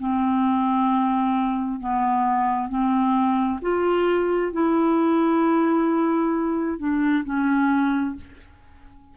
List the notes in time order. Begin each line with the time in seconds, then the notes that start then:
0.00 C4
1.80 B3
2.69 C4
3.62 F4
4.52 E4
6.79 D4
7.25 C#4